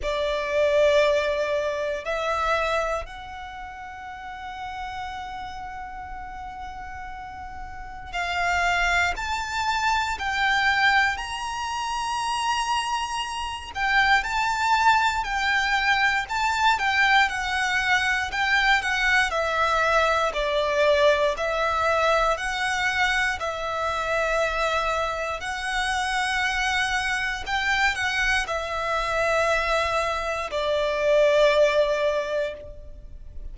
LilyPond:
\new Staff \with { instrumentName = "violin" } { \time 4/4 \tempo 4 = 59 d''2 e''4 fis''4~ | fis''1 | f''4 a''4 g''4 ais''4~ | ais''4. g''8 a''4 g''4 |
a''8 g''8 fis''4 g''8 fis''8 e''4 | d''4 e''4 fis''4 e''4~ | e''4 fis''2 g''8 fis''8 | e''2 d''2 | }